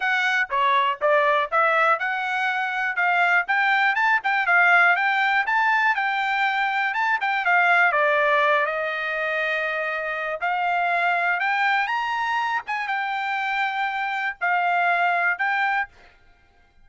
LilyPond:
\new Staff \with { instrumentName = "trumpet" } { \time 4/4 \tempo 4 = 121 fis''4 cis''4 d''4 e''4 | fis''2 f''4 g''4 | a''8 g''8 f''4 g''4 a''4 | g''2 a''8 g''8 f''4 |
d''4. dis''2~ dis''8~ | dis''4 f''2 g''4 | ais''4. gis''8 g''2~ | g''4 f''2 g''4 | }